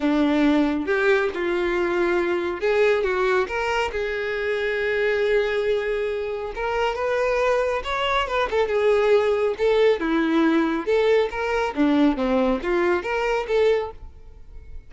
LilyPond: \new Staff \with { instrumentName = "violin" } { \time 4/4 \tempo 4 = 138 d'2 g'4 f'4~ | f'2 gis'4 fis'4 | ais'4 gis'2.~ | gis'2. ais'4 |
b'2 cis''4 b'8 a'8 | gis'2 a'4 e'4~ | e'4 a'4 ais'4 d'4 | c'4 f'4 ais'4 a'4 | }